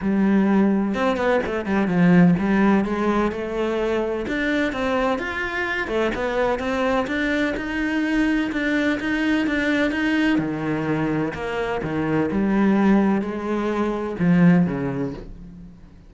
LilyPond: \new Staff \with { instrumentName = "cello" } { \time 4/4 \tempo 4 = 127 g2 c'8 b8 a8 g8 | f4 g4 gis4 a4~ | a4 d'4 c'4 f'4~ | f'8 a8 b4 c'4 d'4 |
dis'2 d'4 dis'4 | d'4 dis'4 dis2 | ais4 dis4 g2 | gis2 f4 cis4 | }